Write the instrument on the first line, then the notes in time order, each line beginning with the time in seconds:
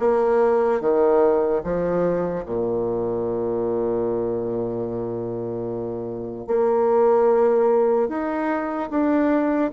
bassoon
0.00 A#3
0.81 D#3
1.64 F3
2.46 A#2
6.48 A#3
8.09 D#4
8.90 D4